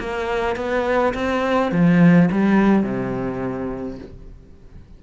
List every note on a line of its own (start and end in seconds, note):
0.00 0.57 A#3
0.57 1.14 B3
1.15 1.72 C4
1.72 2.30 F3
2.32 2.84 G3
2.84 3.99 C3